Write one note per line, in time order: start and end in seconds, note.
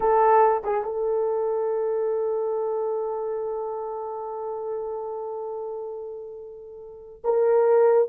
0.00 0.63 A4
0.63 0.84 G#4
0.84 7.22 A4
7.23 8.09 A#4